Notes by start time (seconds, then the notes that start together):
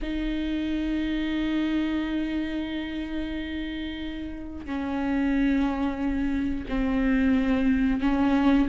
0.02 D#4
4.65 C#4
6.68 C4
8.00 C#4